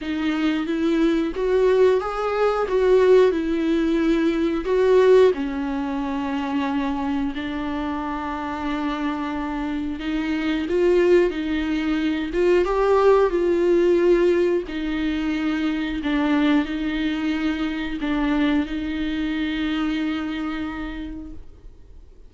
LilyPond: \new Staff \with { instrumentName = "viola" } { \time 4/4 \tempo 4 = 90 dis'4 e'4 fis'4 gis'4 | fis'4 e'2 fis'4 | cis'2. d'4~ | d'2. dis'4 |
f'4 dis'4. f'8 g'4 | f'2 dis'2 | d'4 dis'2 d'4 | dis'1 | }